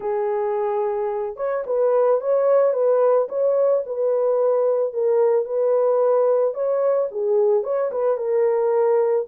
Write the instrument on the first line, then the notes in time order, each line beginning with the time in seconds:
horn
0.00 G#4
1.36 C#5
1.66 B4
2.21 C#5
2.73 B4
3.29 C#5
3.86 B4
4.93 A#4
5.45 B4
6.54 C#5
7.11 G#4
7.63 C#5
7.91 B4
8.17 A#4